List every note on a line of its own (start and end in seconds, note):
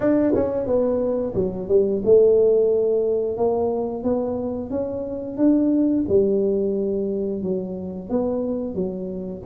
0.00 0.33 D4
0.34 0.66 C#4
0.66 1.33 B3
1.35 1.68 F#3
1.68 2.02 G3
2.04 3.37 A3
3.37 4.03 A#3
4.03 4.70 B3
4.70 5.37 C#4
5.37 6.04 D4
6.08 7.42 G3
7.42 8.09 F#3
8.09 8.75 B3
8.75 9.42 F#3